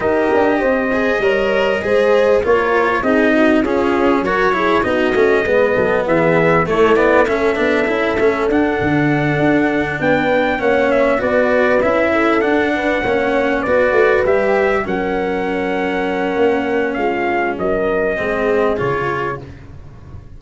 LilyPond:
<<
  \new Staff \with { instrumentName = "trumpet" } { \time 4/4 \tempo 4 = 99 dis''1 | cis''4 dis''4 gis'4 cis''4 | dis''2 e''4 cis''8 d''8 | e''2 fis''2~ |
fis''8 g''4 fis''8 e''8 d''4 e''8~ | e''8 fis''2 d''4 e''8~ | e''8 fis''2.~ fis''8 | f''4 dis''2 cis''4 | }
  \new Staff \with { instrumentName = "horn" } { \time 4/4 ais'4 c''4 cis''4 c''4 | ais'4 gis'8 fis'8 f'4 ais'8 gis'8 | fis'4 b'8 a'8 gis'4 e'4 | a'1~ |
a'8 b'4 cis''4 b'4. | a'4 b'8 cis''4 b'4.~ | b'8 ais'2.~ ais'8 | f'4 ais'4 gis'2 | }
  \new Staff \with { instrumentName = "cello" } { \time 4/4 g'4. gis'8 ais'4 gis'4 | f'4 dis'4 cis'4 fis'8 e'8 | dis'8 cis'8 b2 a8 b8 | cis'8 d'8 e'8 cis'8 d'2~ |
d'4. cis'4 fis'4 e'8~ | e'8 d'4 cis'4 fis'4 g'8~ | g'8 cis'2.~ cis'8~ | cis'2 c'4 f'4 | }
  \new Staff \with { instrumentName = "tuba" } { \time 4/4 dis'8 d'8 c'4 g4 gis4 | ais4 c'4 cis'4 fis4 | b8 a8 gis8 fis8 e4 a4~ | a8 b8 cis'8 a8 d'8 d4 d'8~ |
d'8 b4 ais4 b4 cis'8~ | cis'8 d'4 ais4 b8 a8 g8~ | g8 fis2~ fis8 ais4 | gis4 fis4 gis4 cis4 | }
>>